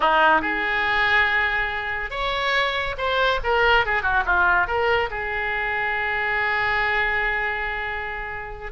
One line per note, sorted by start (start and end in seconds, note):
0.00 0.41 D#4
0.41 2.10 G#4
2.10 2.95 C#5
2.97 3.40 C5
3.43 3.85 A#4
3.85 4.02 G#4
4.02 4.23 F#4
4.25 4.67 F4
4.67 5.09 A#4
5.10 8.72 G#4